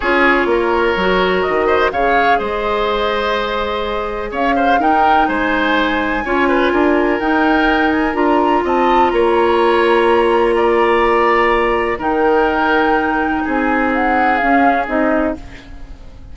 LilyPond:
<<
  \new Staff \with { instrumentName = "flute" } { \time 4/4 \tempo 4 = 125 cis''2. dis''4 | f''4 dis''2.~ | dis''4 f''4 g''4 gis''4~ | gis''2. g''4~ |
g''8 gis''8 ais''4 a''4 ais''4~ | ais''1~ | ais''4 g''2. | gis''4 fis''4 f''4 dis''4 | }
  \new Staff \with { instrumentName = "oboe" } { \time 4/4 gis'4 ais'2~ ais'8 c''8 | cis''4 c''2.~ | c''4 cis''8 c''8 ais'4 c''4~ | c''4 cis''8 b'8 ais'2~ |
ais'2 dis''4 cis''4~ | cis''2 d''2~ | d''4 ais'2. | gis'1 | }
  \new Staff \with { instrumentName = "clarinet" } { \time 4/4 f'2 fis'2 | gis'1~ | gis'2 dis'2~ | dis'4 f'2 dis'4~ |
dis'4 f'2.~ | f'1~ | f'4 dis'2.~ | dis'2 cis'4 dis'4 | }
  \new Staff \with { instrumentName = "bassoon" } { \time 4/4 cis'4 ais4 fis4 dis4 | cis4 gis2.~ | gis4 cis'4 dis'4 gis4~ | gis4 cis'4 d'4 dis'4~ |
dis'4 d'4 c'4 ais4~ | ais1~ | ais4 dis2. | c'2 cis'4 c'4 | }
>>